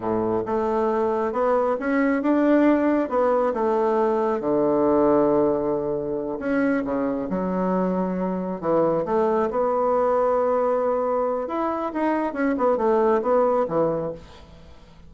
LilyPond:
\new Staff \with { instrumentName = "bassoon" } { \time 4/4 \tempo 4 = 136 a,4 a2 b4 | cis'4 d'2 b4 | a2 d2~ | d2~ d8 cis'4 cis8~ |
cis8 fis2. e8~ | e8 a4 b2~ b8~ | b2 e'4 dis'4 | cis'8 b8 a4 b4 e4 | }